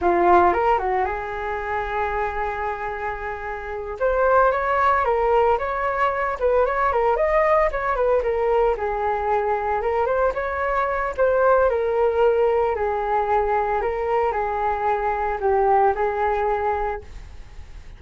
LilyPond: \new Staff \with { instrumentName = "flute" } { \time 4/4 \tempo 4 = 113 f'4 ais'8 fis'8 gis'2~ | gis'2.~ gis'8 c''8~ | c''8 cis''4 ais'4 cis''4. | b'8 cis''8 ais'8 dis''4 cis''8 b'8 ais'8~ |
ais'8 gis'2 ais'8 c''8 cis''8~ | cis''4 c''4 ais'2 | gis'2 ais'4 gis'4~ | gis'4 g'4 gis'2 | }